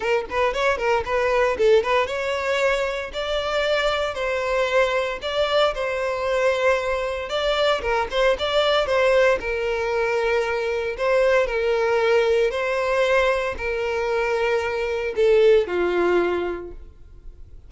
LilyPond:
\new Staff \with { instrumentName = "violin" } { \time 4/4 \tempo 4 = 115 ais'8 b'8 cis''8 ais'8 b'4 a'8 b'8 | cis''2 d''2 | c''2 d''4 c''4~ | c''2 d''4 ais'8 c''8 |
d''4 c''4 ais'2~ | ais'4 c''4 ais'2 | c''2 ais'2~ | ais'4 a'4 f'2 | }